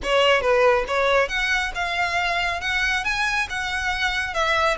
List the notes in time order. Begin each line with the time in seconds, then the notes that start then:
0.03 C#5
0.41 B4
0.87 C#5
1.28 F#5
1.74 F5
2.60 F#5
3.04 G#5
3.49 F#5
4.33 E5